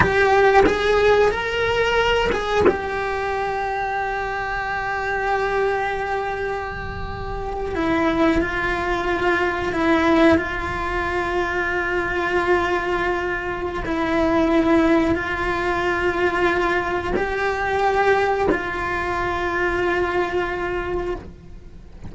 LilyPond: \new Staff \with { instrumentName = "cello" } { \time 4/4 \tempo 4 = 91 g'4 gis'4 ais'4. gis'8 | g'1~ | g'2.~ g'8. e'16~ | e'8. f'2 e'4 f'16~ |
f'1~ | f'4 e'2 f'4~ | f'2 g'2 | f'1 | }